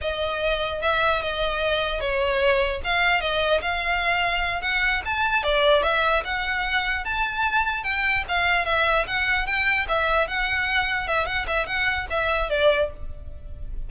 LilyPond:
\new Staff \with { instrumentName = "violin" } { \time 4/4 \tempo 4 = 149 dis''2 e''4 dis''4~ | dis''4 cis''2 f''4 | dis''4 f''2~ f''8 fis''8~ | fis''8 a''4 d''4 e''4 fis''8~ |
fis''4. a''2 g''8~ | g''8 f''4 e''4 fis''4 g''8~ | g''8 e''4 fis''2 e''8 | fis''8 e''8 fis''4 e''4 d''4 | }